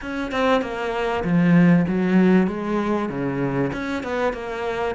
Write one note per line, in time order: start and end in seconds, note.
0.01 0.31 C#4
0.31 0.61 C4
0.61 1.23 A#3
1.23 1.85 F3
1.88 2.47 F#3
2.47 3.09 G#3
3.09 3.71 C#3
3.73 4.03 C#4
4.03 4.33 B3
4.33 4.95 A#3